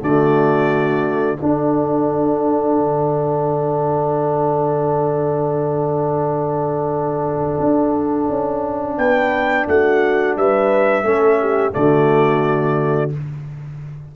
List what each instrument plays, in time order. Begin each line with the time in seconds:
0.00 tuba D3, trombone A3, horn F#4, trumpet D5
1.38 trombone D4, tuba D4, horn A4, trumpet F#5
2.78 tuba D3
7.60 tuba D4
8.30 tuba C#4
8.98 tuba B3, horn B4, trumpet G5
9.68 tuba A3, horn F#4, trumpet F#5
10.37 tuba G3, horn B4, trumpet E5
11.03 tuba A3, trombone C#4, horn A4
11.41 horn G4
11.72 tuba D3, trombone A3, horn F#4, trumpet D5